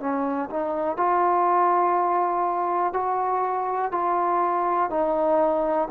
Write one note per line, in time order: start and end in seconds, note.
0.00 0.49 C#4
0.50 0.97 D#4
0.97 2.94 F4
2.94 3.92 F#4
3.92 4.90 F4
4.90 5.89 D#4